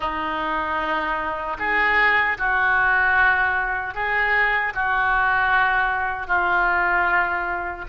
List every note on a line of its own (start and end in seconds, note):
0.00 1.57 D#4
1.58 2.37 G#4
2.38 3.94 F#4
3.94 4.73 G#4
4.74 6.27 F#4
6.27 7.85 F4